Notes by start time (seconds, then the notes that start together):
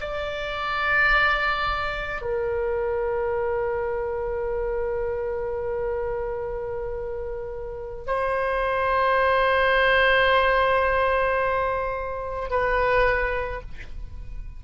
0.00 D5
2.21 A#4
8.06 C5
12.49 B4